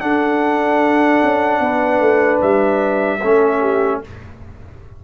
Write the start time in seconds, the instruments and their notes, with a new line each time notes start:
0.00 trombone D4, tuba D4, horn A4, trumpet F#5
1.23 tuba C#4
1.60 tuba B3, horn B4
2.00 tuba A3
2.42 tuba G3, trumpet E5
3.21 tuba A3, trombone C#4, horn A4
3.61 horn G4